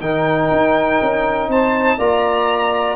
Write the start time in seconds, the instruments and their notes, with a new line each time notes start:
0.00 tuba D#3, trombone D#4, saxophone A#4, violin G5
0.51 tuba D#4
1.01 tuba C#4
1.48 tuba C4, saxophone C5, violin A5
1.97 tuba A#3, trombone F4, saxophone D5, violin A#5